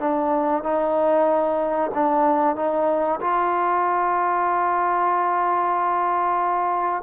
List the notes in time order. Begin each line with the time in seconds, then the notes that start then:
0.00 D4
0.64 D#4
1.95 D4
2.56 D#4
3.21 F4